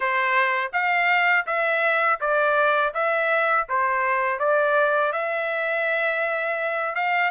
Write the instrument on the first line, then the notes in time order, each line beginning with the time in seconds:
trumpet
0.00 C5
0.72 F5
1.46 E5
2.20 D5
2.94 E5
3.69 C5
4.39 D5
5.12 E5
6.95 F5